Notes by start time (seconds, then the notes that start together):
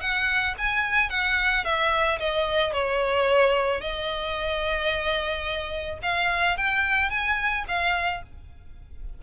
0.00 F#5
0.58 G#5
1.09 F#5
1.64 E5
2.19 D#5
2.72 C#5
3.80 D#5
6.02 F5
6.57 G5
7.10 G#5
7.68 F5